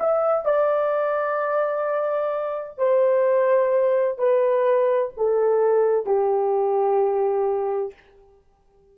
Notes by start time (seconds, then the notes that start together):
0.00 E5
0.45 D5
2.78 C5
4.18 B4
5.17 A4
6.06 G4